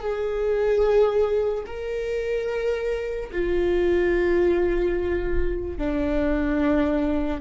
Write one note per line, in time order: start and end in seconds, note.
0.00 1.64 G#4
1.66 3.30 A#4
3.32 5.78 F4
5.78 7.40 D4